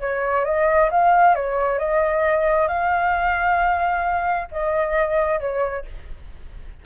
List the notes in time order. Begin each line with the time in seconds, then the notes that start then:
0.00 C#5
0.45 D#5
0.91 F5
1.35 C#5
1.79 D#5
2.68 F5
4.52 D#5
5.40 C#5